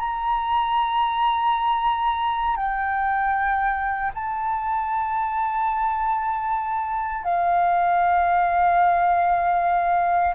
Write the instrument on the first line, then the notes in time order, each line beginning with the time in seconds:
flute
0.00 A#5
2.57 G5
4.15 A5
7.24 F5